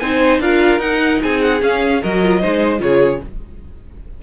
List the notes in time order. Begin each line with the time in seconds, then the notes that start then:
0.00 C4 D#4 C5 G#5
0.40 D4 F4 A#4 F5
0.79 D#4 F#5
1.23 C4 G#4 G#5
1.41 F#5
1.61 C#4 F5
2.02 F#3 F#4 A#4 D#5
2.23 F4
2.41 G#3 D#4 C5
2.79 C#3 F4 G#4 C#5